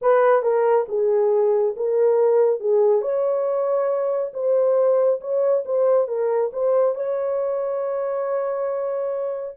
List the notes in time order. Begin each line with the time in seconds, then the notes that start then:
0.01 B4
0.42 A#4
0.88 G#4
1.76 A#4
2.59 G#4
3.01 C#5
4.33 C5
5.20 C#5
5.65 C5
6.07 A#4
6.52 C5
6.95 C#5